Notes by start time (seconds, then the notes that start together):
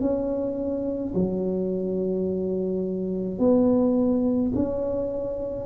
0.00 C#4
1.14 F#3
3.38 B3
4.54 C#4